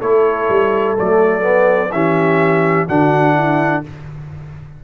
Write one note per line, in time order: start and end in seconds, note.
0.00 0.48 A3
0.00 0.97 E4
0.00 1.90 A4
0.00 0.95 C#5
0.49 0.96 G3
0.98 1.92 F#3
0.98 1.41 A3
0.98 1.91 D5
1.41 1.88 B3
1.91 2.88 E3
1.91 2.88 C#4
1.91 2.87 G4
1.91 2.87 E5
2.87 3.84 D3
2.87 3.83 D4
2.87 3.34 F#4
2.87 3.83 F#5
3.34 3.81 E4